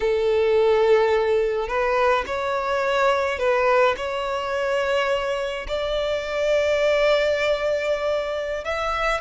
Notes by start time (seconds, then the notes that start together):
0.00 A4
1.67 B4
2.26 C#5
3.38 B4
3.96 C#5
5.67 D5
8.64 E5